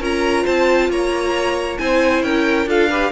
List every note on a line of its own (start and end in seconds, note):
0.00 0.44 C#4
0.00 1.79 F4
0.00 0.44 A#4
0.00 0.46 A#5
0.44 0.89 C4
0.44 0.88 C5
0.44 0.90 A5
0.89 1.78 A#3
0.89 1.80 C#5
0.89 1.78 A#5
1.78 2.22 C4
1.78 2.67 E4
1.78 2.25 C5
1.78 2.22 G#5
2.22 2.66 C#4
2.22 2.69 A#4
2.22 2.68 G5
2.66 3.11 D4
2.66 2.90 F4
2.66 2.90 A4
2.66 3.12 F5
2.90 3.12 G4
2.90 3.12 B4